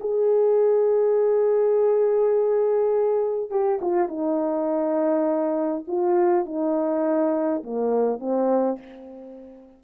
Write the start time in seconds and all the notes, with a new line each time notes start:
0.00 G#4
3.50 G4
3.81 F4
4.08 D#4
5.87 F4
6.45 D#4
7.63 A#3
8.19 C4